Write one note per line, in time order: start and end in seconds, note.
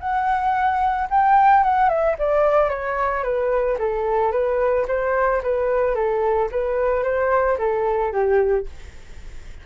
0.00 1.08 F#5
1.10 1.64 G5
1.64 1.89 F#5
1.89 2.16 E5
2.19 2.70 D5
2.70 3.23 C#5
3.23 3.77 B4
3.79 4.32 A4
4.32 4.86 B4
4.88 5.42 C5
5.43 5.95 B4
5.95 6.49 A4
6.52 7.03 B4
7.03 7.57 C5
7.58 8.13 A4
8.13 8.67 G4